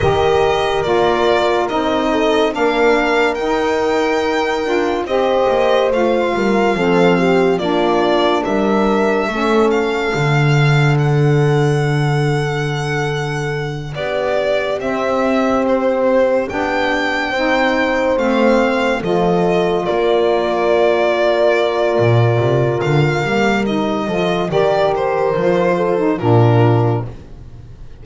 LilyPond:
<<
  \new Staff \with { instrumentName = "violin" } { \time 4/4 \tempo 4 = 71 dis''4 d''4 dis''4 f''4 | g''2 dis''4 f''4~ | f''4 d''4 e''4. f''8~ | f''4 fis''2.~ |
fis''8 d''4 e''4 c''4 g''8~ | g''4. f''4 dis''4 d''8~ | d''2. f''4 | dis''4 d''8 c''4. ais'4 | }
  \new Staff \with { instrumentName = "horn" } { \time 4/4 ais'2~ ais'8 a'8 ais'4~ | ais'2 c''4. ais'8 | a'8 g'8 f'4 ais'4 a'4~ | a'1~ |
a'8 g'2.~ g'8~ | g'8 c''2 a'4 ais'8~ | ais'1~ | ais'8 a'8 ais'4. a'8 f'4 | }
  \new Staff \with { instrumentName = "saxophone" } { \time 4/4 g'4 f'4 dis'4 d'4 | dis'4. f'8 g'4 f'4 | c'4 d'2 cis'4 | d'1~ |
d'4. c'2 d'8~ | d'8 dis'4 c'4 f'4.~ | f'2.~ f'8 ais8 | dis'8 f'8 g'4 f'8. dis'16 d'4 | }
  \new Staff \with { instrumentName = "double bass" } { \time 4/4 dis4 ais4 c'4 ais4 | dis'4. d'8 c'8 ais8 a8 g8 | f4 ais4 g4 a4 | d1~ |
d8 b4 c'2 b8~ | b8 c'4 a4 f4 ais8~ | ais2 ais,8 c8 d8 g8~ | g8 f8 dis4 f4 ais,4 | }
>>